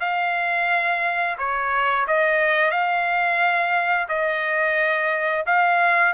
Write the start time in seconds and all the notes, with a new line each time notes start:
0.00 F5
1.38 C#5
2.07 D#5
2.71 F5
4.08 D#5
5.46 F5